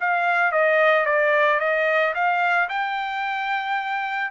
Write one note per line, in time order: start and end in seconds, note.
0.00 0.52 F5
0.52 1.06 D#5
1.06 1.60 D5
1.60 2.14 D#5
2.14 2.69 F5
2.69 4.31 G5